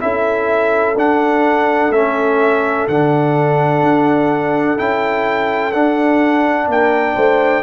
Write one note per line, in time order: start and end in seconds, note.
0.00 0.95 C#4
0.00 0.95 E4
0.00 6.70 A4
0.00 0.96 E5
0.95 1.90 D4
0.95 1.93 D4
0.95 1.92 F#5
1.90 2.86 A3
1.90 2.89 C#4
1.90 2.87 E5
2.88 3.83 D3
2.88 4.77 D4
2.88 4.78 F#5
3.83 4.78 D4
4.77 5.74 C#4
4.77 5.72 E4
4.77 5.72 G5
5.72 7.63 D4
5.72 6.68 D4
5.72 6.67 F#5
6.68 7.15 A#3
6.68 7.15 A#4
6.68 7.63 G5
7.15 7.63 A3
7.15 7.63 C5